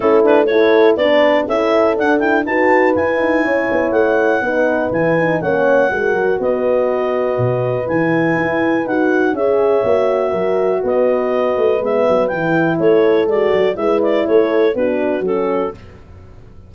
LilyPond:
<<
  \new Staff \with { instrumentName = "clarinet" } { \time 4/4 \tempo 4 = 122 a'8 b'8 cis''4 d''4 e''4 | fis''8 g''8 a''4 gis''2 | fis''2 gis''4 fis''4~ | fis''4 dis''2. |
gis''2 fis''4 e''4~ | e''2 dis''2 | e''4 g''4 cis''4 d''4 | e''8 d''8 cis''4 b'4 a'4 | }
  \new Staff \with { instrumentName = "horn" } { \time 4/4 e'4 a'4 b'4 a'4~ | a'4 b'2 cis''4~ | cis''4 b'2 cis''4 | ais'4 b'2.~ |
b'2. cis''4~ | cis''4 ais'4 b'2~ | b'2 a'2 | b'4 a'4 fis'2 | }
  \new Staff \with { instrumentName = "horn" } { \time 4/4 cis'8 d'8 e'4 d'4 e'4 | d'8 e'8 fis'4 e'2~ | e'4 dis'4 e'8 dis'8 cis'4 | fis'1 |
e'2 fis'4 gis'4 | fis'1 | b4 e'2 fis'4 | e'2 d'4 cis'4 | }
  \new Staff \with { instrumentName = "tuba" } { \time 4/4 a2 b4 cis'4 | d'4 dis'4 e'8 dis'8 cis'8 b8 | a4 b4 e4 ais4 | gis8 fis8 b2 b,4 |
e4 e'4 dis'4 cis'4 | ais4 fis4 b4. a8 | gis8 fis8 e4 a4 gis8 fis8 | gis4 a4 b4 fis4 | }
>>